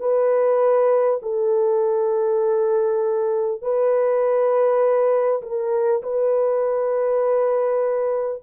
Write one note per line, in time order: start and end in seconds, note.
0.00 1.20 B4
1.22 3.62 A4
3.62 5.42 B4
5.43 6.03 A#4
6.03 8.43 B4